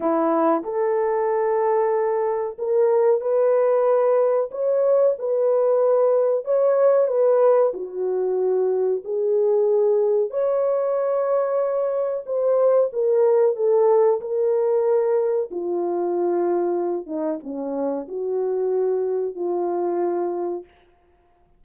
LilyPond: \new Staff \with { instrumentName = "horn" } { \time 4/4 \tempo 4 = 93 e'4 a'2. | ais'4 b'2 cis''4 | b'2 cis''4 b'4 | fis'2 gis'2 |
cis''2. c''4 | ais'4 a'4 ais'2 | f'2~ f'8 dis'8 cis'4 | fis'2 f'2 | }